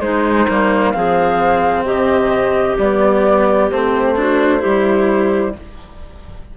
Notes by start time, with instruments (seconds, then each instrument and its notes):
0.00 cello G#3, bassoon G#3, clarinet D#4, flute C5
0.48 bassoon G3, cello A#3
0.91 bassoon F3, cello C4, clarinet G#4, flute F5
1.83 bassoon C3, clarinet G4, flute D#5
2.78 bassoon G3, cello B3, flute D5
3.71 bassoon A3, cello C4, flute C5
4.16 cello D4, clarinet F#4
4.59 bassoon G3, cello E4, clarinet G4